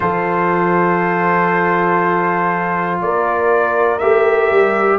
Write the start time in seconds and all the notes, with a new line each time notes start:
0.00 F3 F4 A4 C5
3.00 A#3 A#4 D5
3.98 A3 G4 E5
4.50 G3